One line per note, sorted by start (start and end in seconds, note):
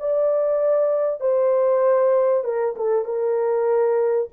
0.00 1.21 D5
1.21 2.44 C5
2.44 2.75 A#4
2.76 3.05 A4
3.05 4.29 A#4